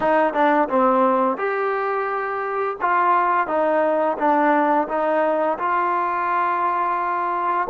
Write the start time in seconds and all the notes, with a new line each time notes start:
0.00 D#4
0.33 D4
0.68 C4
1.37 G4
2.81 F4
3.47 D#4
4.18 D4
4.88 D#4
5.58 F4